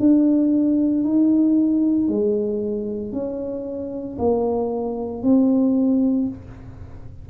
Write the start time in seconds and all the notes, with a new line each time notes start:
0.00 D4
1.04 D#4
2.09 G#3
3.13 C#4
4.19 A#3
5.23 C4